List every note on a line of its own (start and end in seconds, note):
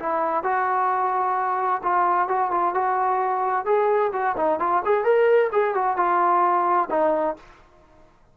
0.00 0.44 E4
0.44 1.83 F#4
1.84 2.28 F4
2.28 2.52 F#4
2.52 2.75 F4
2.75 3.66 F#4
3.66 4.12 G#4
4.13 4.36 F#4
4.37 4.60 D#4
4.60 4.83 F4
4.86 5.05 G#4
5.05 5.51 A#4
5.53 5.75 G#4
5.75 5.97 F#4
5.97 6.89 F4
6.91 7.37 D#4